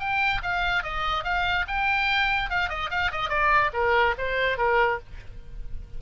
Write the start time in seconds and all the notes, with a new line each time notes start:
0.00 G5
0.43 F5
0.83 D#5
1.24 F5
1.68 G5
2.50 F5
2.70 D#5
2.91 F5
3.12 D#5
3.30 D5
3.73 A#4
4.18 C5
4.58 A#4